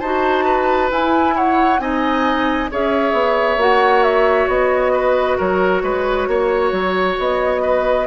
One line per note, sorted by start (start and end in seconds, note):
0.00 0.91 D#4
0.00 0.91 F#4
0.00 0.45 C5
0.00 0.90 A5
0.45 1.34 B4
0.91 1.80 E4
0.91 1.79 E4
0.91 1.37 G#5
1.36 1.81 C#5
1.36 1.80 F#5
1.79 2.69 C4
1.79 2.69 D#4
1.79 2.71 D#5
1.79 2.69 G#5
2.71 3.13 C#4
2.71 3.59 G#4
2.71 4.93 C#5
2.71 3.62 E5
3.13 3.57 B3
3.57 4.47 A#3
3.57 8.07 F#4
3.57 4.03 F#5
4.03 4.48 E5
4.48 5.37 B3
4.48 5.38 D#5
4.93 5.37 B4
5.38 5.83 F#3
5.38 5.82 A#4
5.38 7.19 C#5
5.83 6.27 G#3
5.83 6.28 B4
6.28 6.72 A#3
6.28 7.62 C#5
6.72 7.17 F#3
7.19 8.07 B3
7.19 8.07 D#5
7.62 8.07 B4